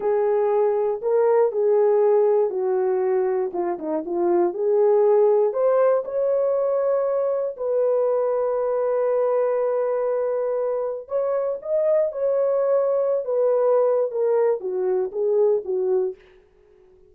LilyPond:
\new Staff \with { instrumentName = "horn" } { \time 4/4 \tempo 4 = 119 gis'2 ais'4 gis'4~ | gis'4 fis'2 f'8 dis'8 | f'4 gis'2 c''4 | cis''2. b'4~ |
b'1~ | b'2 cis''4 dis''4 | cis''2~ cis''16 b'4.~ b'16 | ais'4 fis'4 gis'4 fis'4 | }